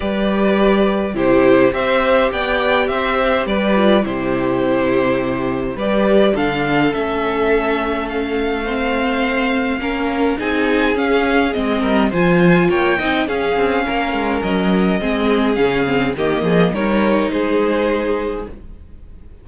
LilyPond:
<<
  \new Staff \with { instrumentName = "violin" } { \time 4/4 \tempo 4 = 104 d''2 c''4 e''4 | g''4 e''4 d''4 c''4~ | c''2 d''4 f''4 | e''2 f''2~ |
f''2 gis''4 f''4 | dis''4 gis''4 g''4 f''4~ | f''4 dis''2 f''4 | dis''4 cis''4 c''2 | }
  \new Staff \with { instrumentName = "violin" } { \time 4/4 b'2 g'4 c''4 | d''4 c''4 b'4 g'4~ | g'2 b'4 a'4~ | a'2. c''4~ |
c''4 ais'4 gis'2~ | gis'8 ais'8 c''4 cis''8 dis''8 gis'4 | ais'2 gis'2 | g'8 gis'8 ais'4 gis'2 | }
  \new Staff \with { instrumentName = "viola" } { \time 4/4 g'2 e'4 g'4~ | g'2~ g'8 f'8 e'4~ | e'2 g'4 d'4 | cis'2. c'4~ |
c'4 cis'4 dis'4 cis'4 | c'4 f'4. dis'8 cis'4~ | cis'2 c'4 cis'8 c'8 | ais4 dis'2. | }
  \new Staff \with { instrumentName = "cello" } { \time 4/4 g2 c4 c'4 | b4 c'4 g4 c4~ | c2 g4 d4 | a1~ |
a4 ais4 c'4 cis'4 | gis8 g8 f4 ais8 c'8 cis'8 c'8 | ais8 gis8 fis4 gis4 cis4 | dis8 f8 g4 gis2 | }
>>